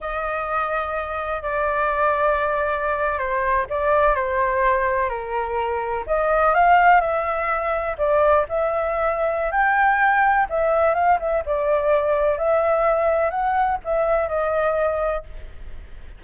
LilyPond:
\new Staff \with { instrumentName = "flute" } { \time 4/4 \tempo 4 = 126 dis''2. d''4~ | d''2~ d''8. c''4 d''16~ | d''8. c''2 ais'4~ ais'16~ | ais'8. dis''4 f''4 e''4~ e''16~ |
e''8. d''4 e''2~ e''16 | g''2 e''4 f''8 e''8 | d''2 e''2 | fis''4 e''4 dis''2 | }